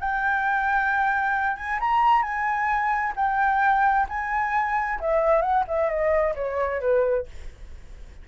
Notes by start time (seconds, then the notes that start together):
0.00 G5
1.57 G#5
1.80 A#5
2.23 G#5
3.16 G5
4.09 G#5
5.00 E5
5.42 F#5
5.68 E5
5.89 D#5
6.35 C#5
6.81 B4